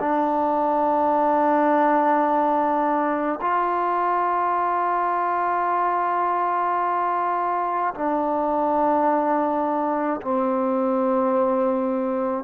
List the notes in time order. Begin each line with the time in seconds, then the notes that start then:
0.00 D4
3.41 F4
7.95 D4
10.21 C4